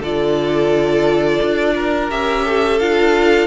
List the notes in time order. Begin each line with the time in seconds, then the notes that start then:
0.00 D3 F4 A4 D5
1.43 D4
1.75 A#4
2.10 C#4 G4 E5
2.45 A4
2.80 D4 F4 F5